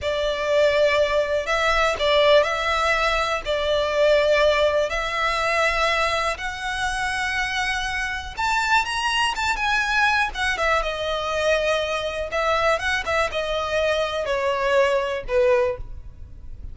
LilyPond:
\new Staff \with { instrumentName = "violin" } { \time 4/4 \tempo 4 = 122 d''2. e''4 | d''4 e''2 d''4~ | d''2 e''2~ | e''4 fis''2.~ |
fis''4 a''4 ais''4 a''8 gis''8~ | gis''4 fis''8 e''8 dis''2~ | dis''4 e''4 fis''8 e''8 dis''4~ | dis''4 cis''2 b'4 | }